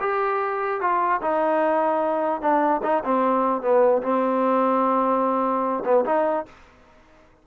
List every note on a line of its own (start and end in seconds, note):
0.00 0.81 G4
0.81 1.21 F4
1.22 2.41 D#4
2.41 2.81 D4
2.83 3.03 D#4
3.04 3.62 C4
3.62 4.02 B3
4.02 5.83 C4
5.85 6.05 B3
6.05 6.45 D#4